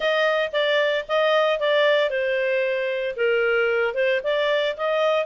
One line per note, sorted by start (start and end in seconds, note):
0.00 0.51 D#5
0.52 1.05 D5
1.08 1.59 D#5
1.59 2.10 D5
2.10 3.15 C5
3.16 3.94 A#4
3.94 4.21 C5
4.23 4.76 D5
4.76 5.25 D#5